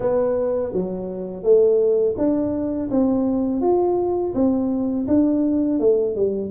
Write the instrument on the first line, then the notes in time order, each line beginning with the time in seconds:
tuba
0.00 B3
0.72 F#3
1.43 A3
2.17 D4
2.90 C4
3.61 F4
4.34 C4
5.07 D4
5.79 A3
6.15 G3